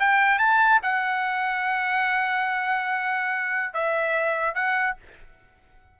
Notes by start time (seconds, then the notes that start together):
0.00 G5
0.39 A5
0.83 F#5
3.73 E5
4.55 F#5